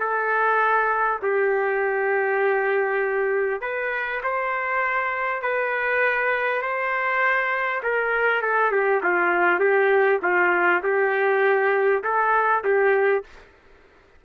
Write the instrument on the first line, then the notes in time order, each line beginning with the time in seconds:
trumpet
0.00 A4
1.23 G4
3.62 B4
4.24 C5
5.42 B4
6.62 C5
7.83 A#4
8.42 A4
8.72 G4
9.04 F4
9.60 G4
10.23 F4
10.84 G4
12.04 A4
12.64 G4